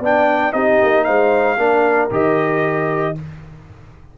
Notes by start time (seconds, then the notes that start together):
0.00 B3 D4 D5 G5
0.53 C4 D#4 G4 D#5
0.83 A#3
1.04 G#3 C5 F5
1.58 A#3 D4 A#4
2.11 D#3 G4 D#5